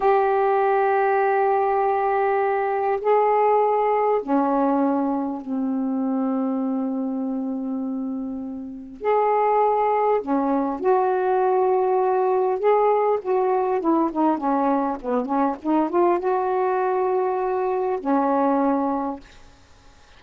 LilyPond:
\new Staff \with { instrumentName = "saxophone" } { \time 4/4 \tempo 4 = 100 g'1~ | g'4 gis'2 cis'4~ | cis'4 c'2.~ | c'2. gis'4~ |
gis'4 cis'4 fis'2~ | fis'4 gis'4 fis'4 e'8 dis'8 | cis'4 b8 cis'8 dis'8 f'8 fis'4~ | fis'2 cis'2 | }